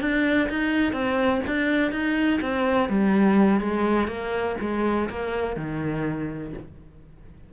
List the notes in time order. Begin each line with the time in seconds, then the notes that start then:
0.00 D4
0.49 D#4
0.92 C4
1.46 D4
1.91 D#4
2.41 C4
2.89 G3
3.60 G#3
4.07 A#3
4.60 G#3
5.09 A#3
5.56 D#3